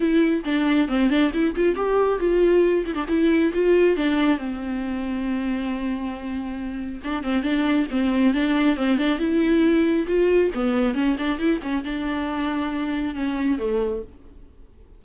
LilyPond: \new Staff \with { instrumentName = "viola" } { \time 4/4 \tempo 4 = 137 e'4 d'4 c'8 d'8 e'8 f'8 | g'4 f'4. e'16 d'16 e'4 | f'4 d'4 c'2~ | c'1 |
d'8 c'8 d'4 c'4 d'4 | c'8 d'8 e'2 f'4 | b4 cis'8 d'8 e'8 cis'8 d'4~ | d'2 cis'4 a4 | }